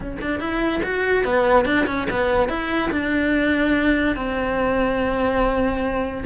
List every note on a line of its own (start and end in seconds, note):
0.00 0.18 C#4
0.21 0.39 D4
0.39 0.81 E4
0.83 1.24 F#4
1.24 1.65 B3
1.65 1.86 D4
1.86 2.07 C#4
2.10 2.48 B3
2.48 2.90 E4
2.91 4.16 D4
4.16 6.24 C4